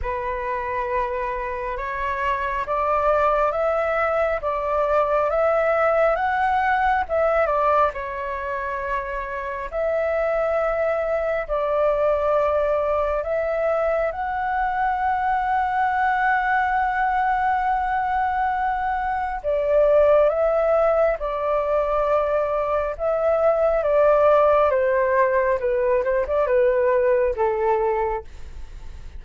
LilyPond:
\new Staff \with { instrumentName = "flute" } { \time 4/4 \tempo 4 = 68 b'2 cis''4 d''4 | e''4 d''4 e''4 fis''4 | e''8 d''8 cis''2 e''4~ | e''4 d''2 e''4 |
fis''1~ | fis''2 d''4 e''4 | d''2 e''4 d''4 | c''4 b'8 c''16 d''16 b'4 a'4 | }